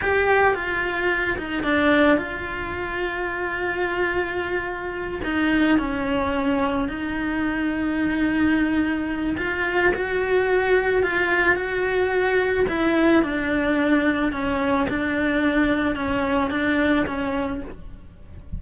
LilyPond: \new Staff \with { instrumentName = "cello" } { \time 4/4 \tempo 4 = 109 g'4 f'4. dis'8 d'4 | f'1~ | f'4. dis'4 cis'4.~ | cis'8 dis'2.~ dis'8~ |
dis'4 f'4 fis'2 | f'4 fis'2 e'4 | d'2 cis'4 d'4~ | d'4 cis'4 d'4 cis'4 | }